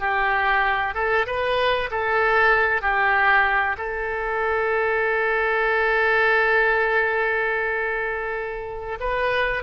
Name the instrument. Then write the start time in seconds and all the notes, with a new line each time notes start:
oboe
0.00 G4
0.94 A4
1.27 B4
1.91 A4
2.82 G4
3.78 A4
9.00 B4